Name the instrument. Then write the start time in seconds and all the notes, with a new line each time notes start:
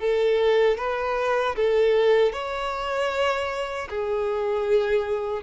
violin
0.00 A4
0.78 B4
1.56 A4
2.33 C#5
3.89 G#4